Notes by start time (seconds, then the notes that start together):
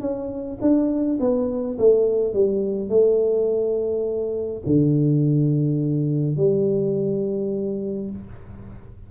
0.00 C#4
0.61 D4
1.20 B3
1.78 A3
2.33 G3
2.89 A3
4.66 D3
6.36 G3